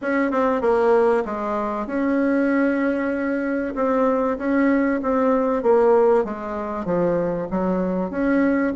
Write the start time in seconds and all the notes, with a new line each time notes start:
0.01 C#4
0.31 C4
0.61 A#3
1.25 G#3
1.87 C#4
3.75 C4
4.38 C#4
5.02 C4
5.62 A#3
6.24 G#3
6.85 F3
7.50 F#3
8.10 C#4